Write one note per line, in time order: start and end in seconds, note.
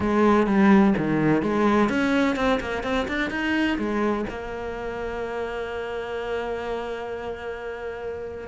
0.00 0.46 G#3
0.46 0.94 G3
0.97 1.42 D#3
1.42 1.89 G#3
1.89 2.36 C#4
2.36 2.59 C4
2.60 2.83 A#3
2.83 3.07 C4
3.08 3.30 D4
3.30 3.77 D#4
3.78 4.25 G#3
4.29 8.48 A#3